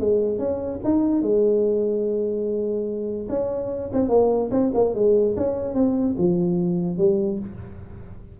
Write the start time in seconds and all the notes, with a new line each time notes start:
0.00 G#3
0.39 C#4
0.84 D#4
1.22 G#3
3.29 C#4
3.93 C4
4.09 A#3
4.51 C4
4.74 A#3
4.95 G#3
5.37 C#4
5.74 C4
6.18 F3
6.98 G3